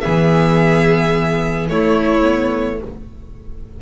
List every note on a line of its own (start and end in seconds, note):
0.00 1.70 E3
0.00 1.69 B3
0.00 1.70 G#4
0.00 1.67 E5
1.69 2.22 A3
1.69 2.81 A3
1.69 2.81 E4
1.69 2.80 C#5
2.22 2.77 B3